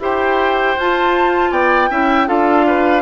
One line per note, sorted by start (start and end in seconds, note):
0.00 0.76 E4
0.00 0.77 G4
0.00 1.52 C5
0.00 0.79 G5
0.78 1.51 F4
0.78 1.91 F4
0.78 1.53 A5
1.51 1.89 B3
1.51 1.90 D5
1.51 2.29 G5
1.91 2.29 C#4
1.91 2.27 E4
1.91 2.28 E5
2.27 3.02 D4
2.27 3.02 F4
2.27 2.66 A4
2.27 3.02 F5
2.67 3.02 B4